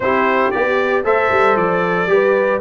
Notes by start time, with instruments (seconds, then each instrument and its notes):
0.00 tuba C4, trombone E4, horn G4, trumpet C5
0.51 tuba B3, trombone G4, trumpet D5
1.04 tuba A3, trombone A4, horn C5, trumpet E5
1.30 tuba G3
1.56 tuba F3, trumpet D5
2.06 tuba G3, trombone G4, horn B4